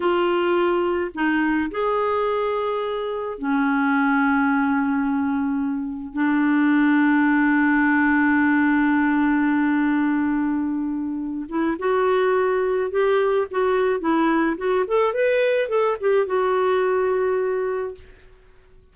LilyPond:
\new Staff \with { instrumentName = "clarinet" } { \time 4/4 \tempo 4 = 107 f'2 dis'4 gis'4~ | gis'2 cis'2~ | cis'2. d'4~ | d'1~ |
d'1~ | d'8 e'8 fis'2 g'4 | fis'4 e'4 fis'8 a'8 b'4 | a'8 g'8 fis'2. | }